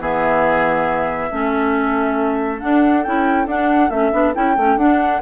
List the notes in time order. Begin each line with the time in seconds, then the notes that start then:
0.00 E3 B3 G#4 E5
1.31 A3 C#4 A4
2.60 D4 F#5
3.03 C#4 E4 G5
3.46 D4 F#5
3.90 A3 C#4 E5
4.12 B3 D4
4.34 C#4 E4 G5
4.57 A3 C#4
4.78 D4 F#5